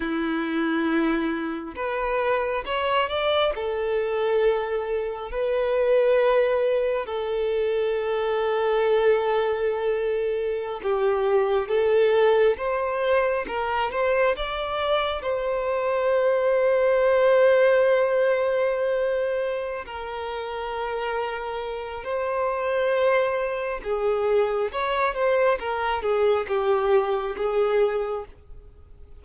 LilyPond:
\new Staff \with { instrumentName = "violin" } { \time 4/4 \tempo 4 = 68 e'2 b'4 cis''8 d''8 | a'2 b'2 | a'1~ | a'16 g'4 a'4 c''4 ais'8 c''16~ |
c''16 d''4 c''2~ c''8.~ | c''2~ c''8 ais'4.~ | ais'4 c''2 gis'4 | cis''8 c''8 ais'8 gis'8 g'4 gis'4 | }